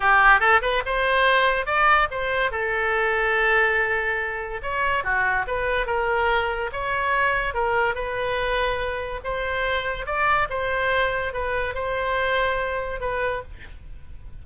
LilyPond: \new Staff \with { instrumentName = "oboe" } { \time 4/4 \tempo 4 = 143 g'4 a'8 b'8 c''2 | d''4 c''4 a'2~ | a'2. cis''4 | fis'4 b'4 ais'2 |
cis''2 ais'4 b'4~ | b'2 c''2 | d''4 c''2 b'4 | c''2. b'4 | }